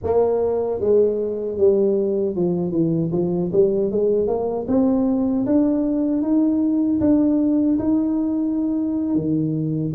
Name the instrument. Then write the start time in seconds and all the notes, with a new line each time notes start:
tuba
0.03 A#3
0.80 G#3
1.57 G3
2.35 F3
2.71 E3
3.12 F3
3.52 G3
3.91 G#3
4.26 A#3
4.67 C4
5.46 D4
6.22 D#4
7.00 D4
7.78 D#4
9.15 D#3